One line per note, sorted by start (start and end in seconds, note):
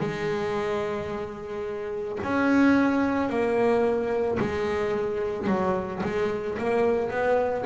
0.00 2.18 G#3
2.23 3.29 C#4
3.29 4.38 A#3
4.39 5.47 G#3
5.47 6.01 F#3
6.02 6.57 G#3
6.58 7.10 A#3
7.10 7.65 B3